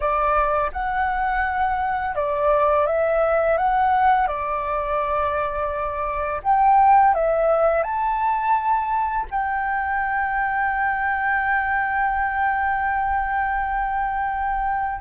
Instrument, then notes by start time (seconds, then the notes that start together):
flute
0.00 D5
0.72 F#5
2.15 D5
2.86 E5
3.57 F#5
4.27 D5
6.43 G5
7.14 E5
7.83 A5
9.31 G5